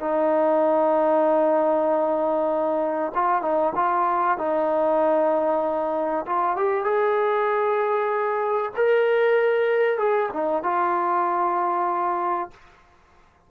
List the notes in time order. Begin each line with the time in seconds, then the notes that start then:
0.00 D#4
3.15 F4
3.42 D#4
3.76 F4
4.38 D#4
6.26 F4
6.57 G4
6.84 G#4
8.77 A#4
9.99 G#4
10.34 D#4
10.63 F4